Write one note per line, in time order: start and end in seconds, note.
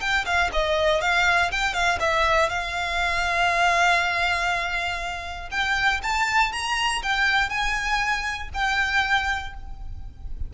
0.00 0.25 G5
0.25 0.50 F5
0.53 1.01 D#5
1.01 1.51 F5
1.51 1.74 G5
1.74 1.99 F5
2.00 2.50 E5
2.50 5.50 F5
5.51 6.01 G5
6.02 6.52 A5
6.52 7.02 A#5
7.03 7.49 G5
7.49 8.49 G#5
8.54 9.54 G5